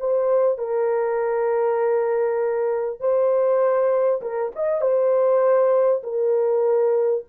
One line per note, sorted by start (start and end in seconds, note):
0.00 0.58 C5
0.58 3.00 A#4
3.00 4.21 C5
4.22 4.52 A#4
4.56 4.82 D#5
4.82 6.03 C5
6.04 7.25 A#4